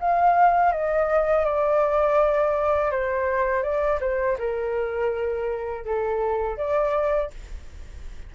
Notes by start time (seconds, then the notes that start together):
0.00 F5
0.72 D#5
1.45 D5
2.91 C5
3.63 D5
4.00 C5
4.38 A#4
5.85 A4
6.57 D5